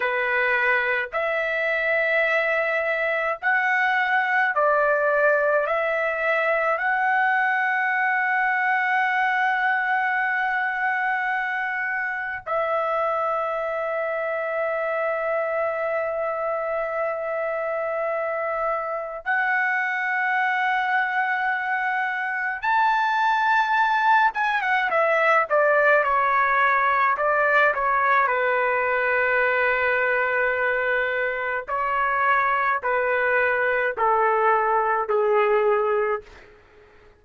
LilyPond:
\new Staff \with { instrumentName = "trumpet" } { \time 4/4 \tempo 4 = 53 b'4 e''2 fis''4 | d''4 e''4 fis''2~ | fis''2. e''4~ | e''1~ |
e''4 fis''2. | a''4. gis''16 fis''16 e''8 d''8 cis''4 | d''8 cis''8 b'2. | cis''4 b'4 a'4 gis'4 | }